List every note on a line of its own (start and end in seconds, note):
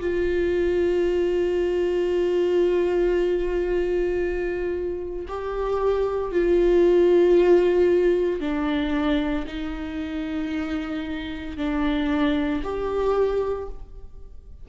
0.00 5.26 F4
5.28 6.32 G4
6.32 8.40 F4
8.40 9.45 D4
9.47 11.57 D#4
11.57 12.62 D4
12.64 13.69 G4